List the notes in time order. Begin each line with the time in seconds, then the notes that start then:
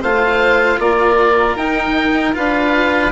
0.00 A3 F4 C5 F5
0.79 A#3 A#4 D5
1.55 D#4 G5
2.33 D4 F4 B4 F5